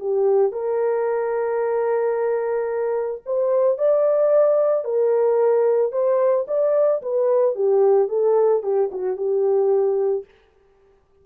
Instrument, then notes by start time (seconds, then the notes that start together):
horn
0.00 G4
0.52 A#4
3.26 C5
3.78 D5
4.85 A#4
5.93 C5
6.48 D5
7.02 B4
7.56 G4
8.09 A4
8.63 G4
8.92 F#4
9.17 G4